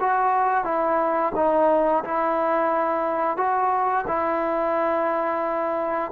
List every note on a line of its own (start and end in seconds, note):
0.00 0.64 F#4
0.64 1.33 E4
1.35 2.04 D#4
2.04 3.37 E4
3.37 4.05 F#4
4.07 6.11 E4